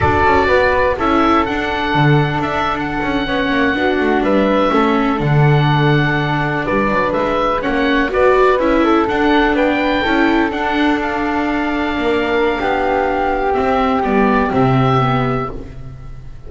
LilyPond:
<<
  \new Staff \with { instrumentName = "oboe" } { \time 4/4 \tempo 4 = 124 d''2 e''4 fis''4~ | fis''4 e''8. fis''2~ fis''16~ | fis''8. e''2 fis''4~ fis''16~ | fis''4.~ fis''16 d''4 e''4 fis''16~ |
fis''8. d''4 e''4 fis''4 g''16~ | g''4.~ g''16 fis''4 f''4~ f''16~ | f''1 | e''4 d''4 e''2 | }
  \new Staff \with { instrumentName = "flute" } { \time 4/4 a'4 b'4 a'2~ | a'2~ a'8. cis''4 fis'16~ | fis'8. b'4 a'2~ a'16~ | a'4.~ a'16 b'2 cis''16~ |
cis''8. b'4. a'4. b'16~ | b'8. a'2.~ a'16~ | a'8. ais'4~ ais'16 g'2~ | g'1 | }
  \new Staff \with { instrumentName = "viola" } { \time 4/4 fis'2 e'4 d'4~ | d'2~ d'8. cis'4 d'16~ | d'4.~ d'16 cis'4 d'4~ d'16~ | d'2.~ d'8. cis'16~ |
cis'8. fis'4 e'4 d'4~ d'16~ | d'8. e'4 d'2~ d'16~ | d'1 | c'4 b4 c'4 b4 | }
  \new Staff \with { instrumentName = "double bass" } { \time 4/4 d'8 cis'8 b4 cis'4 d'4 | d4 d'4~ d'16 cis'8 b8 ais8 b16~ | b16 a8 g4 a4 d4~ d16~ | d4.~ d16 g8 fis8 gis4 ais16~ |
ais8. b4 cis'4 d'4 b16~ | b8. cis'4 d'2~ d'16~ | d'8. ais4~ ais16 b2 | c'4 g4 c2 | }
>>